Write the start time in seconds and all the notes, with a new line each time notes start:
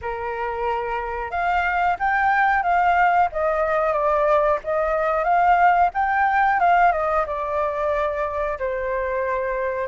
0.01 A#4
1.30 F5
1.99 G5
2.63 F5
3.31 D#5
3.92 D5
4.64 D#5
5.24 F5
5.94 G5
6.60 F5
6.92 D#5
7.26 D5
8.58 C5